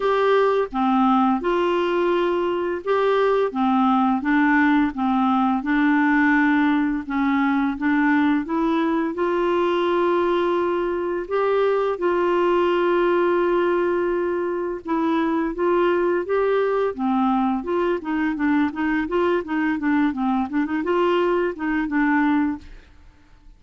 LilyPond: \new Staff \with { instrumentName = "clarinet" } { \time 4/4 \tempo 4 = 85 g'4 c'4 f'2 | g'4 c'4 d'4 c'4 | d'2 cis'4 d'4 | e'4 f'2. |
g'4 f'2.~ | f'4 e'4 f'4 g'4 | c'4 f'8 dis'8 d'8 dis'8 f'8 dis'8 | d'8 c'8 d'16 dis'16 f'4 dis'8 d'4 | }